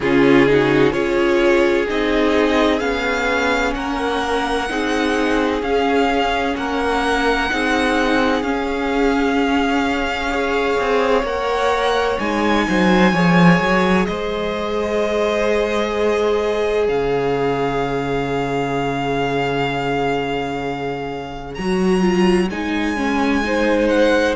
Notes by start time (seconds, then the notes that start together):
0.00 C#3 C#4 F4 G#4
0.47 D#4 F#4
0.91 C#4 F4 G#4 C#5
1.87 C4 D#4 D#5
2.79 B3 C#4 F5
3.74 A#3 A#4 F#5
4.68 C4 D#4 G#4
5.61 C#4 F5
6.56 A#3 A#4 F#5
7.49 C4 D#4 G#4
8.41 C#4 F5
10.29 G#4 C#5
10.79 C4
11.23 A#3 A#4 F#5
12.19 G#3 D#4 G#5
12.68 F#3 C5
13.12 F3 G#4 C#5
13.60 F#3
14.05 G#3 C5 D#5
16.87 C#3 C#5 F5
21.54 F#3 F#4 A#5
22.00 F4
22.50 G#3 D#4 G#5
22.96 C#4
23.43 D#4 C5
23.88 F#5